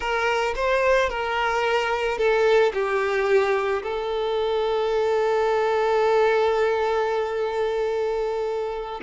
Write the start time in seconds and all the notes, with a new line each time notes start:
0.00 A#4
0.55 C5
1.09 A#4
2.17 A4
2.73 G4
3.83 A4